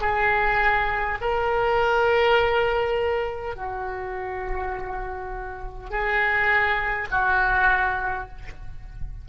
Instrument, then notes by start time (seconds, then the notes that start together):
oboe
0.00 G#4
1.20 A#4
3.55 F#4
5.90 G#4
7.11 F#4